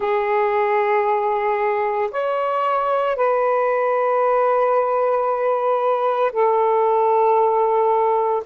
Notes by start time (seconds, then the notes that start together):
0.00 G#4
2.11 C#5
3.16 B4
6.32 A4